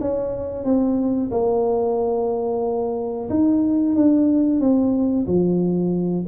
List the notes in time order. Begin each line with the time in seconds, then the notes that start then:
0.00 C#4
0.64 C4
1.31 A#3
3.29 D#4
3.95 D4
4.60 C4
5.27 F3